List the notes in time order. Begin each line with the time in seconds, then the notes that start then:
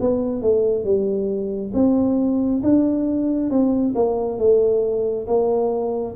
0.00 B3
0.42 A3
0.84 G3
1.74 C4
2.63 D4
3.50 C4
3.95 A#3
4.38 A3
5.27 A#3